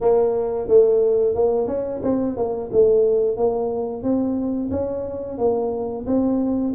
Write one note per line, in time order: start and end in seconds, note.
0.00 0.68 A#3
0.68 1.35 A3
1.35 1.67 A#3
1.67 2.01 C#4
2.03 2.36 C4
2.36 2.70 A#3
2.72 3.36 A3
3.36 4.02 A#3
4.02 4.70 C4
4.70 5.38 C#4
5.38 6.05 A#3
6.06 6.74 C4